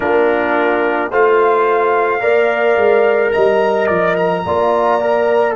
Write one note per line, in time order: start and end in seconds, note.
0.00 1.11 A#3
0.00 1.11 D4
0.00 1.09 F4
0.00 1.11 A#4
1.09 2.21 A3
1.09 2.20 F4
1.09 2.20 C5
1.09 3.31 F5
2.20 2.76 A#3
2.20 4.42 A#4
2.20 3.32 D5
2.76 3.32 G#3
3.31 3.89 G3
3.31 4.44 D#5
3.31 3.87 A#5
3.87 4.45 F3
3.87 4.14 D5
4.16 5.55 A#5
4.45 5.56 A#3
4.45 5.00 F4
4.45 5.56 D5
5.00 5.56 A#4